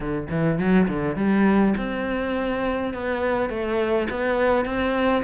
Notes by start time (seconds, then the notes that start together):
0.00 D3
0.30 E3
0.58 F#3
0.87 D3
1.16 G3
1.77 C4
2.93 B3
3.49 A3
4.10 B3
4.65 C4